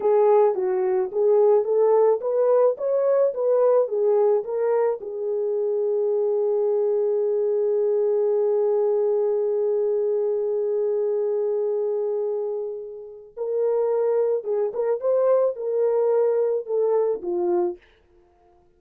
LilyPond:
\new Staff \with { instrumentName = "horn" } { \time 4/4 \tempo 4 = 108 gis'4 fis'4 gis'4 a'4 | b'4 cis''4 b'4 gis'4 | ais'4 gis'2.~ | gis'1~ |
gis'1~ | gis'1 | ais'2 gis'8 ais'8 c''4 | ais'2 a'4 f'4 | }